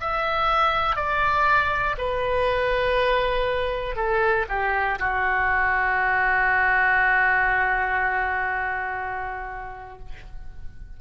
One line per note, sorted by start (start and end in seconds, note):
0.00 0.95 E5
0.95 1.95 D5
1.98 3.96 B4
3.96 4.46 A4
4.48 4.98 G4
4.99 9.99 F#4